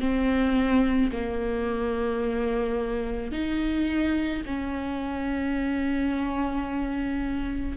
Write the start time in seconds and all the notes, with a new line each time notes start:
0.00 C4
1.12 A#3
3.32 D#4
4.46 C#4